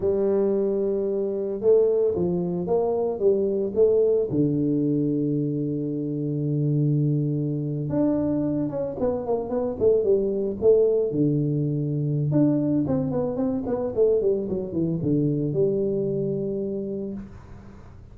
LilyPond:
\new Staff \with { instrumentName = "tuba" } { \time 4/4 \tempo 4 = 112 g2. a4 | f4 ais4 g4 a4 | d1~ | d2~ d8. d'4~ d'16~ |
d'16 cis'8 b8 ais8 b8 a8 g4 a16~ | a8. d2~ d16 d'4 | c'8 b8 c'8 b8 a8 g8 fis8 e8 | d4 g2. | }